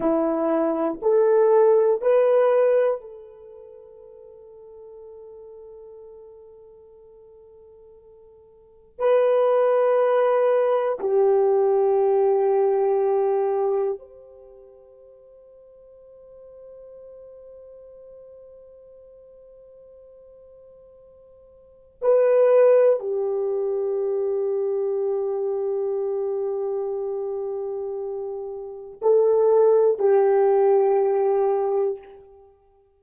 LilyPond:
\new Staff \with { instrumentName = "horn" } { \time 4/4 \tempo 4 = 60 e'4 a'4 b'4 a'4~ | a'1~ | a'4 b'2 g'4~ | g'2 c''2~ |
c''1~ | c''2 b'4 g'4~ | g'1~ | g'4 a'4 g'2 | }